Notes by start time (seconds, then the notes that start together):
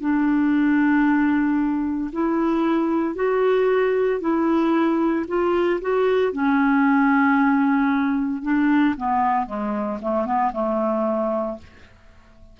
0.00 D4
2.12 E4
3.15 F#4
4.20 E4
5.27 F4
5.81 F#4
6.32 C#4
8.42 D4
8.96 B3
9.46 G#3
10.01 A3
10.25 B3
10.53 A3